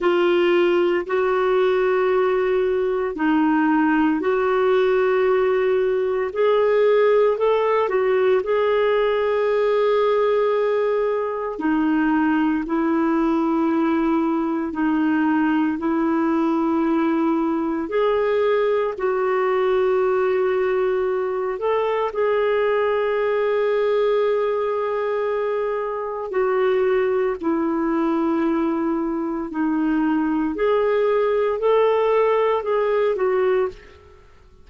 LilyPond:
\new Staff \with { instrumentName = "clarinet" } { \time 4/4 \tempo 4 = 57 f'4 fis'2 dis'4 | fis'2 gis'4 a'8 fis'8 | gis'2. dis'4 | e'2 dis'4 e'4~ |
e'4 gis'4 fis'2~ | fis'8 a'8 gis'2.~ | gis'4 fis'4 e'2 | dis'4 gis'4 a'4 gis'8 fis'8 | }